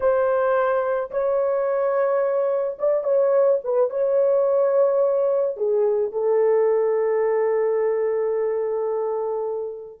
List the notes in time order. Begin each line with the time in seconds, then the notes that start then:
0.00 C5
1.11 C#5
2.79 D5
3.03 C#5
3.63 B4
3.90 C#5
5.56 G#4
6.12 A4